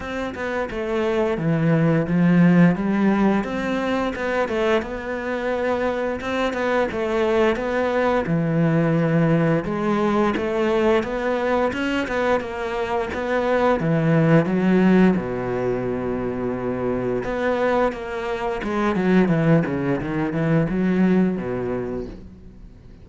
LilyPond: \new Staff \with { instrumentName = "cello" } { \time 4/4 \tempo 4 = 87 c'8 b8 a4 e4 f4 | g4 c'4 b8 a8 b4~ | b4 c'8 b8 a4 b4 | e2 gis4 a4 |
b4 cis'8 b8 ais4 b4 | e4 fis4 b,2~ | b,4 b4 ais4 gis8 fis8 | e8 cis8 dis8 e8 fis4 b,4 | }